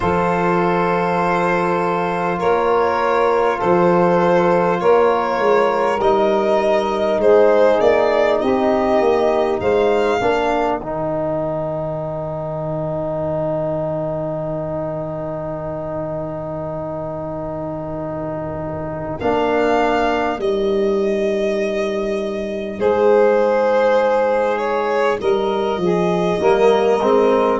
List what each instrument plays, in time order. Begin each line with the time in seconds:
0.00 tuba F3, trombone F4, saxophone A4, violin C5
2.38 tuba A#3, saxophone A#4, violin C#5
3.57 tuba F3, saxophone A4, violin C5
4.80 tuba A#3, saxophone A#4, violin C#5
5.38 tuba G#3
5.98 tuba G3, trombone D#4, violin D#5
7.17 tuba G#3, saxophone G#4, violin C5
7.80 tuba A#3, violin D5
8.40 tuba C4, saxophone G4, violin D#5
9.00 tuba A#3
9.60 tuba G#3, saxophone C5, violin F5
10.18 tuba A#3, trombone D4, saxophone A#4
10.79 tuba D#3, trombone D#4, violin G5
19.20 tuba A#3, trombone D4, violin F5
20.38 tuba G3, trombone D#4, violin D#5
22.78 tuba G#3, saxophone G#4, violin C5
24.57 violin C#5
25.20 tuba G3, saxophone A#4, violin D#5
25.77 tuba F3, saxophone G#4
26.39 tuba G3, trombone A#3, saxophone A#4
27.00 tuba G#3, trombone C4